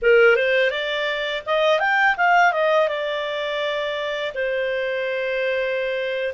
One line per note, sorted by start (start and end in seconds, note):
0.02 0.36 A#4
0.36 0.70 C5
0.70 1.42 D5
1.46 1.79 D#5
1.79 2.15 G5
2.17 2.52 F5
2.52 2.88 D#5
2.88 4.32 D5
4.34 6.33 C5